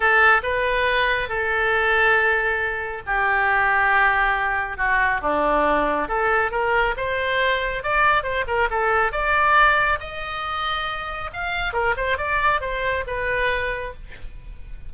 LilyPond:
\new Staff \with { instrumentName = "oboe" } { \time 4/4 \tempo 4 = 138 a'4 b'2 a'4~ | a'2. g'4~ | g'2. fis'4 | d'2 a'4 ais'4 |
c''2 d''4 c''8 ais'8 | a'4 d''2 dis''4~ | dis''2 f''4 ais'8 c''8 | d''4 c''4 b'2 | }